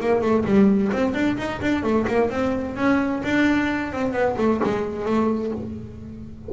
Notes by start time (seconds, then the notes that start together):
0.00 A#3
0.21 A3
0.45 G3
0.92 C4
1.14 D4
1.37 D#4
1.61 D4
1.83 A3
2.07 A#3
2.30 C4
2.76 C#4
3.23 D4
3.92 C4
4.12 B3
4.37 A3
4.63 G#3
5.05 A3